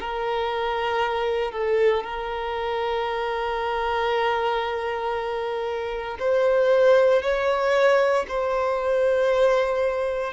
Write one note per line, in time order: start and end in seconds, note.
0.00 1.51 A#4
1.51 2.03 A4
2.03 6.17 A#4
6.19 7.22 C5
7.22 8.25 C#5
8.28 10.33 C5